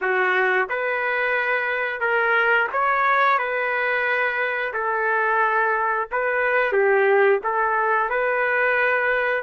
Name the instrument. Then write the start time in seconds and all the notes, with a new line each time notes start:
trumpet
0.01 F#4
0.69 B4
2.00 A#4
2.72 C#5
3.38 B4
4.73 A4
6.11 B4
6.72 G4
7.43 A4
8.09 B4